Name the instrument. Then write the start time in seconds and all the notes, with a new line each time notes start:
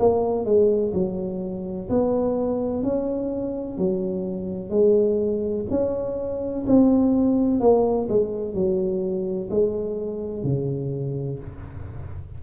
tuba
0.00 A#3
0.45 G#3
0.94 F#3
1.90 B3
2.84 C#4
3.78 F#3
4.71 G#3
5.71 C#4
6.67 C4
7.61 A#3
8.10 G#3
8.55 F#3
9.51 G#3
10.44 C#3